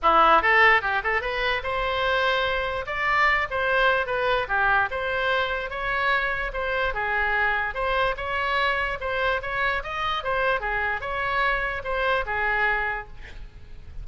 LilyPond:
\new Staff \with { instrumentName = "oboe" } { \time 4/4 \tempo 4 = 147 e'4 a'4 g'8 a'8 b'4 | c''2. d''4~ | d''8 c''4. b'4 g'4 | c''2 cis''2 |
c''4 gis'2 c''4 | cis''2 c''4 cis''4 | dis''4 c''4 gis'4 cis''4~ | cis''4 c''4 gis'2 | }